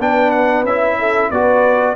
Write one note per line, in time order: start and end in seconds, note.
0.00 0.64 B3
0.00 0.65 D4
0.00 0.98 B4
0.00 0.31 G5
0.31 0.64 F#5
0.64 1.29 C#4
0.64 1.33 E4
0.64 1.31 E5
0.99 1.30 A4
1.30 1.96 B3
1.30 1.96 F#4
1.30 1.95 B4
1.30 1.96 D5